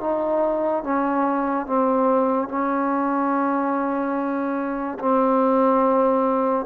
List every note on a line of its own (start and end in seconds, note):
0.00 0.83 D#4
0.84 1.66 C#4
1.66 2.48 C4
2.48 4.98 C#4
4.99 6.66 C4